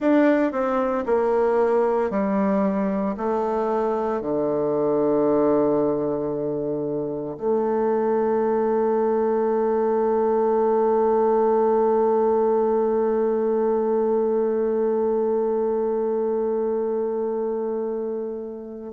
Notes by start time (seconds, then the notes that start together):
0.00 D4
0.52 C4
1.06 A#3
2.10 G3
3.17 A3
4.21 D3
7.37 A3